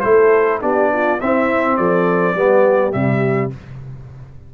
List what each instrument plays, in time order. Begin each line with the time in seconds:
0.00 tuba A3, trombone E4, horn A4, trumpet C5
0.60 tuba B3, trombone D4, horn G4, trumpet D5
0.92 horn F4
1.20 trombone C4, tuba C4, horn E4, trumpet E5
1.76 tuba F3, horn A4, trumpet D5
2.34 tuba G3, trombone B3, horn G4
2.91 tuba C3, trombone G3, trumpet E5